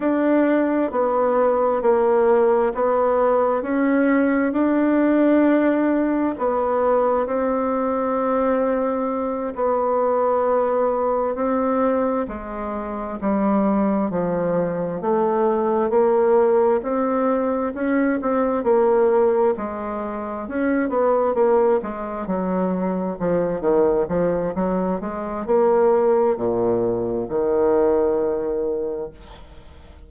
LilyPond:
\new Staff \with { instrumentName = "bassoon" } { \time 4/4 \tempo 4 = 66 d'4 b4 ais4 b4 | cis'4 d'2 b4 | c'2~ c'8 b4.~ | b8 c'4 gis4 g4 f8~ |
f8 a4 ais4 c'4 cis'8 | c'8 ais4 gis4 cis'8 b8 ais8 | gis8 fis4 f8 dis8 f8 fis8 gis8 | ais4 ais,4 dis2 | }